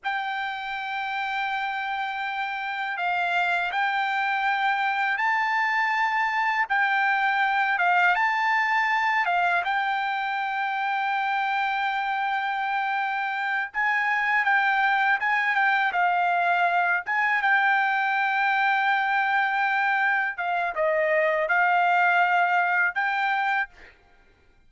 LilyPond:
\new Staff \with { instrumentName = "trumpet" } { \time 4/4 \tempo 4 = 81 g''1 | f''4 g''2 a''4~ | a''4 g''4. f''8 a''4~ | a''8 f''8 g''2.~ |
g''2~ g''8 gis''4 g''8~ | g''8 gis''8 g''8 f''4. gis''8 g''8~ | g''2.~ g''8 f''8 | dis''4 f''2 g''4 | }